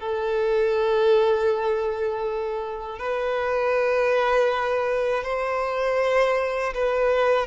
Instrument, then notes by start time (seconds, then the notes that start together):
violin
0.00 A4
2.99 B4
5.24 C5
6.74 B4